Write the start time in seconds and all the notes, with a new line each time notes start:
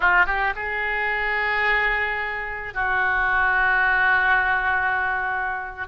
0.00 F4
0.26 G4
0.55 G#4
2.74 F#4